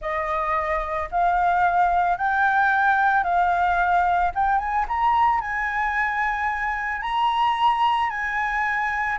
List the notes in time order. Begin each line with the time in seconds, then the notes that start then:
0.01 D#5
1.11 F5
2.17 G5
3.23 F5
4.34 G5
4.58 G#5
4.88 A#5
5.41 G#5
7.01 A#5
8.10 G#5